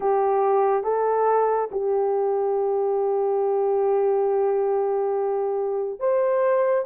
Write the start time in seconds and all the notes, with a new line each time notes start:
0.00 G4
0.83 A4
1.71 G4
5.99 C5